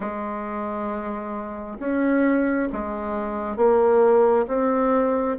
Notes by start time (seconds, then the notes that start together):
0.00 G#3
1.79 C#4
2.72 G#3
3.56 A#3
4.47 C4